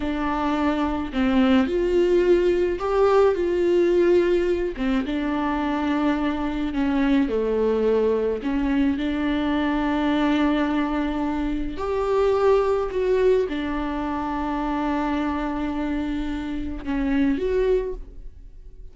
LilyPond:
\new Staff \with { instrumentName = "viola" } { \time 4/4 \tempo 4 = 107 d'2 c'4 f'4~ | f'4 g'4 f'2~ | f'8 c'8 d'2. | cis'4 a2 cis'4 |
d'1~ | d'4 g'2 fis'4 | d'1~ | d'2 cis'4 fis'4 | }